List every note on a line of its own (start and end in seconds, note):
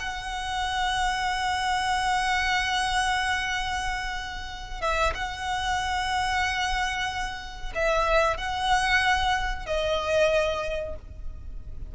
0.00 4.81 F#5
4.81 5.13 E5
5.15 7.73 F#5
7.75 8.37 E5
8.37 9.66 F#5
9.66 10.95 D#5